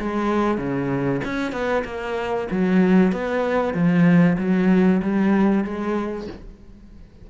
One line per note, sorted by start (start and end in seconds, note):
0.00 0.58 G#3
0.58 1.21 C#3
1.25 1.52 C#4
1.52 1.83 B3
1.85 2.48 A#3
2.51 3.12 F#3
3.12 3.74 B3
3.74 4.37 F3
4.38 5.02 F#3
5.02 5.64 G3
5.64 6.28 G#3